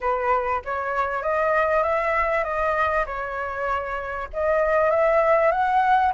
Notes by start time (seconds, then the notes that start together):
0.00 B4
0.64 C#5
1.22 D#5
1.83 E5
2.44 D#5
3.06 C#5
4.33 D#5
4.90 E5
5.51 F#5